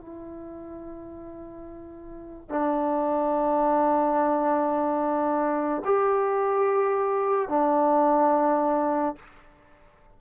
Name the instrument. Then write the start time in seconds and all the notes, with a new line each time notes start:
trombone
0.00 E4
2.49 D4
5.85 G4
7.49 D4